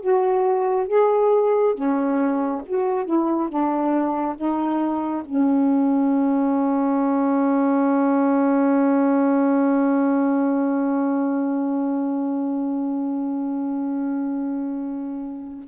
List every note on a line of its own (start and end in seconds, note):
0.00 0.87 F#4
0.87 1.74 G#4
1.75 2.62 C#4
2.66 3.05 F#4
3.05 3.49 E4
3.49 4.36 D4
4.36 5.23 D#4
5.24 15.68 C#4